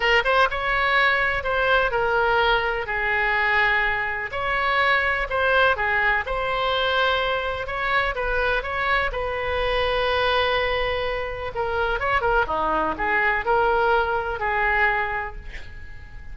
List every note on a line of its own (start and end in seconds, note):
0.00 0.22 A#4
0.24 0.48 C5
0.50 1.43 C#5
1.43 1.91 C5
1.91 2.86 A#4
2.86 4.30 G#4
4.31 5.27 C#5
5.29 5.76 C5
5.76 6.24 G#4
6.26 7.66 C5
7.66 8.14 C#5
8.15 8.62 B4
8.62 9.10 C#5
9.12 11.52 B4
11.55 11.99 A#4
11.99 12.21 C#5
12.21 12.45 A#4
12.47 12.95 D#4
12.97 13.45 G#4
13.45 14.39 A#4
14.39 15.35 G#4